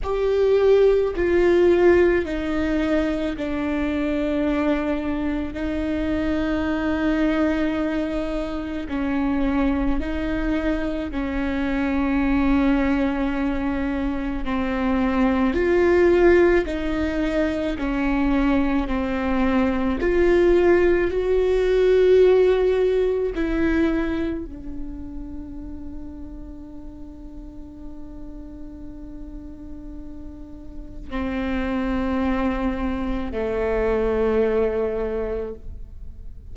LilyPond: \new Staff \with { instrumentName = "viola" } { \time 4/4 \tempo 4 = 54 g'4 f'4 dis'4 d'4~ | d'4 dis'2. | cis'4 dis'4 cis'2~ | cis'4 c'4 f'4 dis'4 |
cis'4 c'4 f'4 fis'4~ | fis'4 e'4 d'2~ | d'1 | c'2 a2 | }